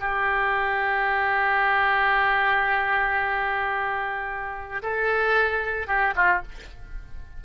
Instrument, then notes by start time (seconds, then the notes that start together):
oboe
0.00 G4
4.83 A4
5.88 G4
6.16 F4